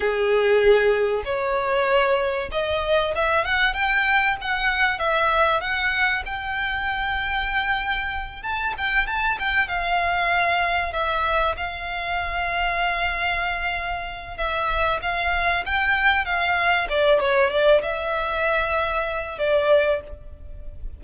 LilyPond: \new Staff \with { instrumentName = "violin" } { \time 4/4 \tempo 4 = 96 gis'2 cis''2 | dis''4 e''8 fis''8 g''4 fis''4 | e''4 fis''4 g''2~ | g''4. a''8 g''8 a''8 g''8 f''8~ |
f''4. e''4 f''4.~ | f''2. e''4 | f''4 g''4 f''4 d''8 cis''8 | d''8 e''2~ e''8 d''4 | }